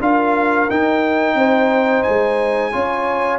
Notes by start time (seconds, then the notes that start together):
0.00 D4 F4 A#4 F5
0.70 D#4 G5
1.34 C4 C5
2.03 G#3 G#5
2.72 C#4 F4 C#5